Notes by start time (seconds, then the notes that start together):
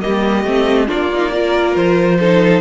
0.00 G3 A#3 G4 D#5
0.44 A3 C4
0.87 A#3 D4 F4 D5
1.14 D#4
1.30 F4 A#4
1.75 F3 C5
2.19 D#4 A4